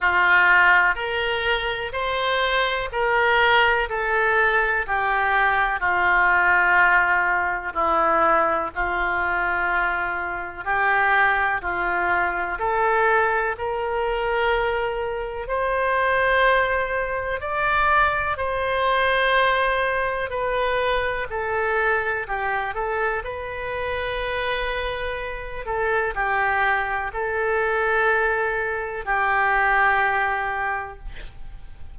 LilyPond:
\new Staff \with { instrumentName = "oboe" } { \time 4/4 \tempo 4 = 62 f'4 ais'4 c''4 ais'4 | a'4 g'4 f'2 | e'4 f'2 g'4 | f'4 a'4 ais'2 |
c''2 d''4 c''4~ | c''4 b'4 a'4 g'8 a'8 | b'2~ b'8 a'8 g'4 | a'2 g'2 | }